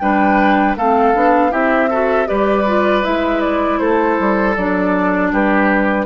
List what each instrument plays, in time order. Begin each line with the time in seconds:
0.00 bassoon G3, clarinet D4, oboe B4, flute G5
0.76 bassoon A3, clarinet C4, oboe A4, flute F5
1.15 bassoon B3, clarinet D4
1.51 bassoon C4, clarinet E4, oboe G4, flute E5
1.91 clarinet F#4, oboe A4
2.26 bassoon G3, clarinet G4, oboe B4, flute D5
2.67 clarinet F4
3.03 bassoon G#3, clarinet E4, flute E5
3.41 flute D5
3.79 bassoon A3, oboe A4, flute C5
4.20 bassoon G3
4.57 bassoon F#3, clarinet D4, flute D5
5.33 bassoon G3, oboe G4, flute B4